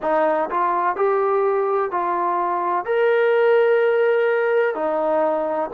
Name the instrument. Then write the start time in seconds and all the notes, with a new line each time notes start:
trombone
0.02 D#4
0.50 F4
0.96 G4
1.91 F4
2.85 A#4
4.74 D#4